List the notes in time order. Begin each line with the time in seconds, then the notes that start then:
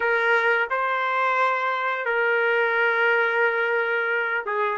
0.00 A#4
0.70 C5
2.05 A#4
4.45 G#4